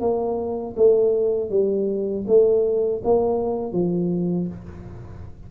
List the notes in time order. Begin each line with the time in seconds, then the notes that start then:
0.00 A#3
0.76 A3
1.50 G3
2.27 A3
3.03 A#3
3.72 F3